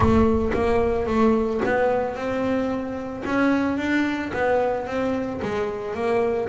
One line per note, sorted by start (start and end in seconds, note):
0.00 0.51 A3
0.53 1.06 A#3
1.06 1.60 A3
1.65 2.15 B3
2.15 3.23 C4
3.25 3.77 C#4
3.77 4.31 D4
4.33 4.86 B3
4.86 5.40 C4
5.42 5.94 G#3
5.94 6.48 A#3